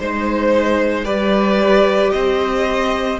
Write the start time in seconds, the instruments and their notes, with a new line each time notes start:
0.00 cello G#3, viola D#4, violin C5
1.04 cello G3, viola G4, violin B4 D5
2.12 cello C4, violin C5 D#5